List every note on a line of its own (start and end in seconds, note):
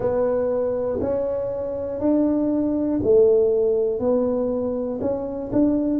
0.00 1.00 B3
1.00 2.00 C#4
2.00 3.00 D4
3.03 4.00 A3
4.00 5.00 B3
5.01 5.51 C#4
5.52 6.00 D4